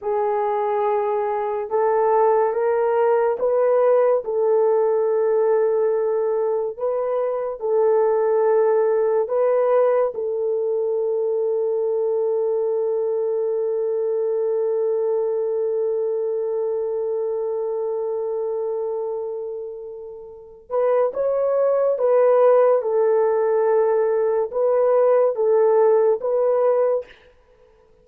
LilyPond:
\new Staff \with { instrumentName = "horn" } { \time 4/4 \tempo 4 = 71 gis'2 a'4 ais'4 | b'4 a'2. | b'4 a'2 b'4 | a'1~ |
a'1~ | a'1~ | a'8 b'8 cis''4 b'4 a'4~ | a'4 b'4 a'4 b'4 | }